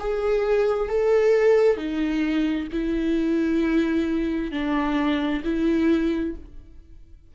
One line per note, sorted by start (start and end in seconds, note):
0.00 0.89 G#4
0.89 1.77 A4
1.77 2.68 D#4
2.73 4.52 E4
4.52 5.43 D4
5.45 6.36 E4